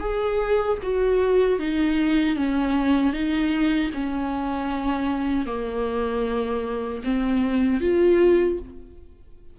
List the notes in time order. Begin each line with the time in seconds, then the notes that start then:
0.00 G#4
0.83 F#4
1.59 D#4
2.36 C#4
3.13 D#4
3.94 C#4
5.47 A#3
7.04 C4
7.81 F4